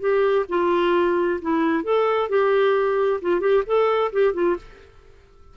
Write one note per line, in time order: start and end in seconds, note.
0.00 0.45 G4
0.49 1.40 F4
1.42 1.84 E4
1.84 2.29 A4
2.29 3.20 G4
3.21 3.40 F4
3.40 3.63 G4
3.66 4.12 A4
4.12 4.34 G4
4.34 4.56 F4